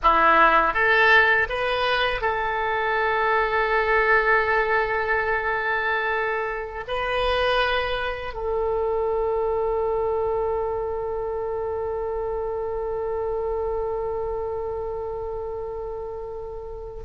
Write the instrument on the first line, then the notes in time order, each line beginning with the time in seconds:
oboe
0.02 E4
0.73 A4
1.49 B4
2.21 A4
6.87 B4
8.33 A4